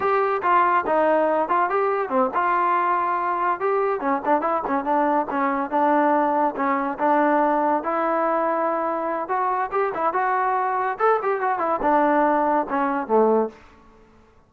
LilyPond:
\new Staff \with { instrumentName = "trombone" } { \time 4/4 \tempo 4 = 142 g'4 f'4 dis'4. f'8 | g'4 c'8 f'2~ f'8~ | f'8 g'4 cis'8 d'8 e'8 cis'8 d'8~ | d'8 cis'4 d'2 cis'8~ |
cis'8 d'2 e'4.~ | e'2 fis'4 g'8 e'8 | fis'2 a'8 g'8 fis'8 e'8 | d'2 cis'4 a4 | }